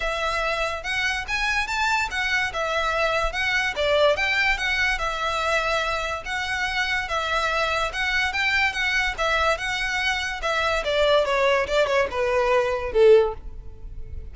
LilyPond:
\new Staff \with { instrumentName = "violin" } { \time 4/4 \tempo 4 = 144 e''2 fis''4 gis''4 | a''4 fis''4 e''2 | fis''4 d''4 g''4 fis''4 | e''2. fis''4~ |
fis''4 e''2 fis''4 | g''4 fis''4 e''4 fis''4~ | fis''4 e''4 d''4 cis''4 | d''8 cis''8 b'2 a'4 | }